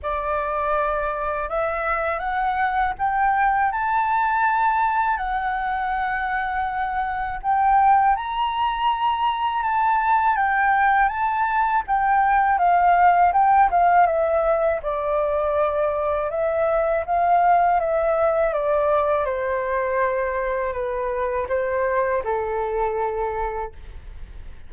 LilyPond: \new Staff \with { instrumentName = "flute" } { \time 4/4 \tempo 4 = 81 d''2 e''4 fis''4 | g''4 a''2 fis''4~ | fis''2 g''4 ais''4~ | ais''4 a''4 g''4 a''4 |
g''4 f''4 g''8 f''8 e''4 | d''2 e''4 f''4 | e''4 d''4 c''2 | b'4 c''4 a'2 | }